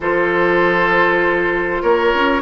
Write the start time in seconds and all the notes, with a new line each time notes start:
0.00 F3 F4 A4 C5
1.82 A#3 A#4 C#5
2.14 C#4